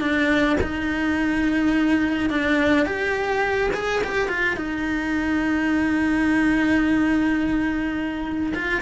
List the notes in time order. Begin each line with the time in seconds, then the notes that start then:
0.00 D4
0.61 D#4
2.30 D4
2.86 G4
3.74 G#4
4.04 G4
4.29 F4
4.56 D#4
8.54 F4